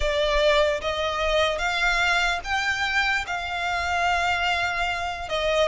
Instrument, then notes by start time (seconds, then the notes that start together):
violin
0.00 D5
0.81 D#5
1.58 F5
2.44 G5
3.27 F5
5.28 D#5